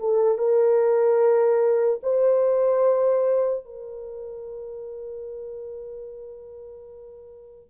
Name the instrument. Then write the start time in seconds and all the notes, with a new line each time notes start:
horn
0.00 A4
0.38 A#4
2.03 C5
3.65 A#4